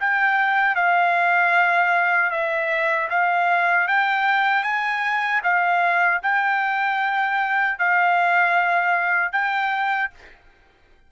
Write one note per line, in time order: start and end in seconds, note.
0.00 0.75 G5
0.75 2.31 F5
2.31 3.09 E5
3.10 3.87 F5
3.87 4.63 G5
4.63 5.41 G#5
5.43 6.21 F5
6.23 7.79 G5
7.79 9.32 F5
9.32 10.10 G5